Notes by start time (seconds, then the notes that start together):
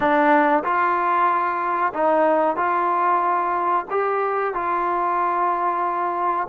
0.00 D4
0.63 F4
1.93 D#4
2.56 F4
3.90 G4
4.54 F4